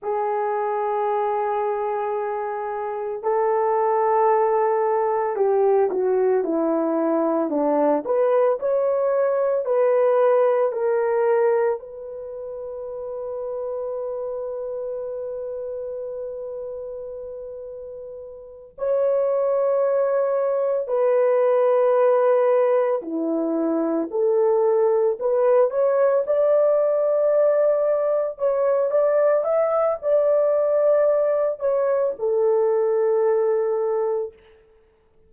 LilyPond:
\new Staff \with { instrumentName = "horn" } { \time 4/4 \tempo 4 = 56 gis'2. a'4~ | a'4 g'8 fis'8 e'4 d'8 b'8 | cis''4 b'4 ais'4 b'4~ | b'1~ |
b'4. cis''2 b'8~ | b'4. e'4 a'4 b'8 | cis''8 d''2 cis''8 d''8 e''8 | d''4. cis''8 a'2 | }